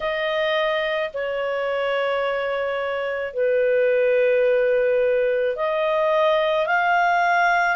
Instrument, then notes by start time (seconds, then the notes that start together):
clarinet
0.00 D#5
1.13 C#5
3.33 B4
5.56 D#5
6.66 F5